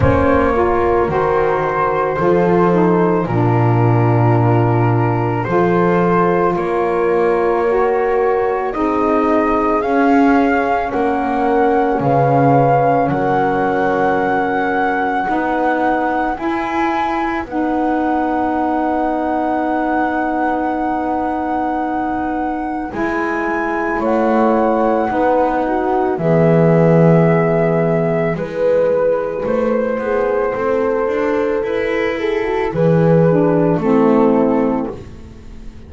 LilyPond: <<
  \new Staff \with { instrumentName = "flute" } { \time 4/4 \tempo 4 = 55 cis''4 c''2 ais'4~ | ais'4 c''4 cis''2 | dis''4 f''4 fis''4 f''4 | fis''2. gis''4 |
fis''1~ | fis''4 gis''4 fis''2 | e''2 b'4 c''4~ | c''4 b'8 a'8 b'4 a'4 | }
  \new Staff \with { instrumentName = "horn" } { \time 4/4 c''8 ais'4. a'4 f'4~ | f'4 a'4 ais'2 | gis'2 ais'4 b'4 | ais'2 b'2~ |
b'1~ | b'2 cis''4 b'8 fis'8 | gis'2 b'4. gis'8 | a'4. gis'16 fis'16 gis'4 e'4 | }
  \new Staff \with { instrumentName = "saxophone" } { \time 4/4 cis'8 f'8 fis'4 f'8 dis'8 d'4~ | d'4 f'2 fis'4 | dis'4 cis'2.~ | cis'2 dis'4 e'4 |
dis'1~ | dis'4 e'2 dis'4 | b2 e'2~ | e'2~ e'8 d'8 c'4 | }
  \new Staff \with { instrumentName = "double bass" } { \time 4/4 ais4 dis4 f4 ais,4~ | ais,4 f4 ais2 | c'4 cis'4 ais4 cis4 | fis2 b4 e'4 |
b1~ | b4 gis4 a4 b4 | e2 gis4 a8 b8 | c'8 d'8 e'4 e4 a4 | }
>>